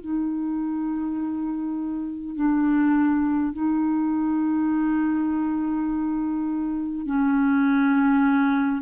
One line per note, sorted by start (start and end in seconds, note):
0.00 2.35 D#4
2.35 3.53 D4
3.53 7.06 D#4
7.06 8.81 C#4